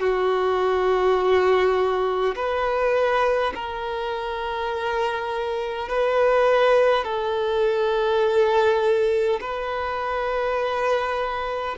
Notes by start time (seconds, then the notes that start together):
0.00 F#4
2.36 B4
3.55 A#4
5.89 B4
7.05 A4
9.41 B4